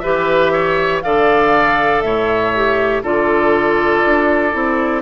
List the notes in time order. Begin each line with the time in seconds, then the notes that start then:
0.00 E3 G4 B4 E5
0.53 C#5
1.02 D3 A4 D5 F5
2.01 A2 C#5 E5
2.56 G4
3.03 D3 F4 A4 D5
4.05 D4
4.52 C4 E4